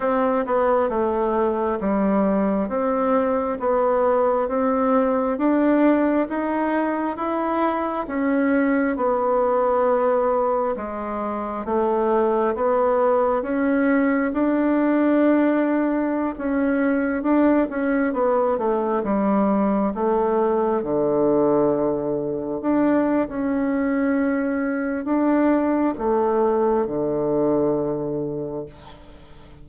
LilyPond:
\new Staff \with { instrumentName = "bassoon" } { \time 4/4 \tempo 4 = 67 c'8 b8 a4 g4 c'4 | b4 c'4 d'4 dis'4 | e'4 cis'4 b2 | gis4 a4 b4 cis'4 |
d'2~ d'16 cis'4 d'8 cis'16~ | cis'16 b8 a8 g4 a4 d8.~ | d4~ d16 d'8. cis'2 | d'4 a4 d2 | }